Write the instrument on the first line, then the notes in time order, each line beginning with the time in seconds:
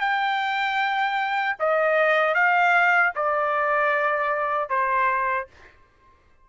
trumpet
0.00 G5
1.59 D#5
2.34 F5
3.15 D5
4.69 C5